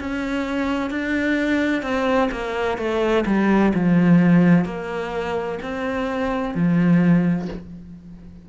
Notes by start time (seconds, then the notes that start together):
0.00 C#4
0.90 D4
1.82 C4
2.31 A#3
2.78 A3
3.26 G3
3.75 F3
4.65 A#3
5.62 C4
6.55 F3